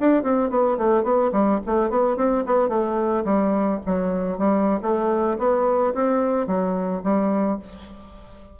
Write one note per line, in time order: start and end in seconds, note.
0.00 0.23 D4
0.23 0.50 C4
0.50 0.78 B3
0.78 1.04 A3
1.04 1.32 B3
1.33 1.60 G3
1.66 1.90 A3
1.90 2.17 B3
2.17 2.45 C4
2.46 2.69 B3
2.69 3.25 A3
3.25 3.80 G3
3.86 4.39 F#3
4.39 4.80 G3
4.83 5.38 A3
5.39 5.94 B3
5.95 6.47 C4
6.47 7.03 F#3
7.04 7.59 G3